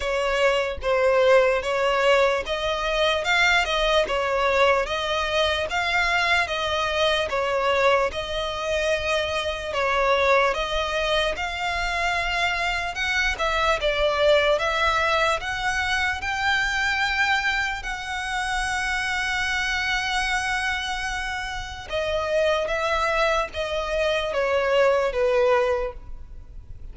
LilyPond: \new Staff \with { instrumentName = "violin" } { \time 4/4 \tempo 4 = 74 cis''4 c''4 cis''4 dis''4 | f''8 dis''8 cis''4 dis''4 f''4 | dis''4 cis''4 dis''2 | cis''4 dis''4 f''2 |
fis''8 e''8 d''4 e''4 fis''4 | g''2 fis''2~ | fis''2. dis''4 | e''4 dis''4 cis''4 b'4 | }